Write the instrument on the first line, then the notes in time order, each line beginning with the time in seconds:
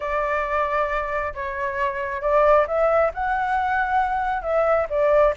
flute
0.00 D5
1.34 C#5
2.21 D5
2.67 E5
3.14 F#5
4.42 E5
4.89 D5